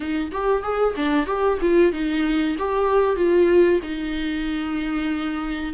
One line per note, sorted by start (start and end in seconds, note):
0.00 0.31 D#4
0.31 0.62 G4
0.62 0.94 G#4
0.96 1.26 D4
1.26 1.58 G4
1.61 1.92 F4
1.92 2.56 D#4
2.58 3.16 G4
3.16 3.79 F4
3.82 5.73 D#4